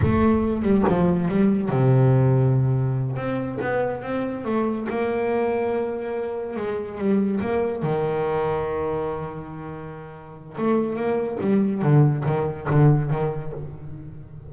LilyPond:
\new Staff \with { instrumentName = "double bass" } { \time 4/4 \tempo 4 = 142 a4. g8 f4 g4 | c2.~ c8 c'8~ | c'8 b4 c'4 a4 ais8~ | ais2.~ ais8 gis8~ |
gis8 g4 ais4 dis4.~ | dis1~ | dis4 a4 ais4 g4 | d4 dis4 d4 dis4 | }